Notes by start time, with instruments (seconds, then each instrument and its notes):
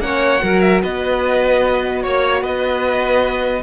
0.00 cello A#3, horn C#4, violin C#5 F#5
0.40 cello F#3, horn F#4, violin A#4
0.60 violin E5
0.82 cello B3, violin B4 D#5
2.03 cello A#3, violin C#5
2.42 cello B3, violin B4 D#5